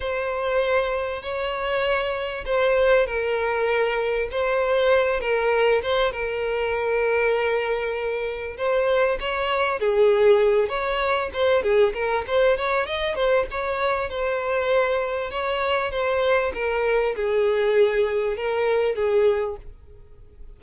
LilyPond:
\new Staff \with { instrumentName = "violin" } { \time 4/4 \tempo 4 = 98 c''2 cis''2 | c''4 ais'2 c''4~ | c''8 ais'4 c''8 ais'2~ | ais'2 c''4 cis''4 |
gis'4. cis''4 c''8 gis'8 ais'8 | c''8 cis''8 dis''8 c''8 cis''4 c''4~ | c''4 cis''4 c''4 ais'4 | gis'2 ais'4 gis'4 | }